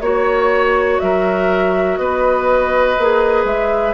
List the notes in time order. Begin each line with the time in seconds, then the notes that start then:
0.00 A#3 F#4 C#5
0.99 F#3 A#4 E5
1.97 B3 B4 D#5
2.98 A#3 G#4
3.44 G#3 E5